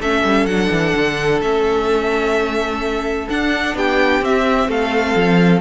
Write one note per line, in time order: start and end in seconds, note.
0.00 0.23 A3
0.00 0.49 C#4
0.00 3.75 A4
0.00 0.46 E5
0.24 0.46 G3
0.46 0.69 F#3
0.46 1.43 D4
0.46 1.40 F#5
0.70 0.94 E3
0.96 1.41 D3
1.41 3.28 A3
1.41 3.30 C#4
1.41 3.29 E5
3.29 3.75 D4
3.29 4.23 D4
3.29 3.77 F#5
3.75 4.21 B3
3.75 4.69 G4
3.75 4.25 G5
4.21 4.68 C4
4.21 5.61 C4
4.21 4.71 E5
4.68 5.14 A3
4.68 5.61 A4
4.68 5.61 F5
5.16 5.61 F3